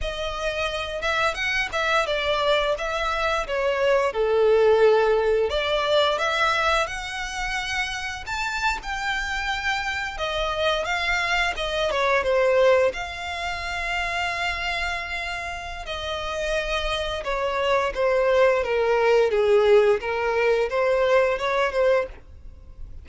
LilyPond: \new Staff \with { instrumentName = "violin" } { \time 4/4 \tempo 4 = 87 dis''4. e''8 fis''8 e''8 d''4 | e''4 cis''4 a'2 | d''4 e''4 fis''2 | a''8. g''2 dis''4 f''16~ |
f''8. dis''8 cis''8 c''4 f''4~ f''16~ | f''2. dis''4~ | dis''4 cis''4 c''4 ais'4 | gis'4 ais'4 c''4 cis''8 c''8 | }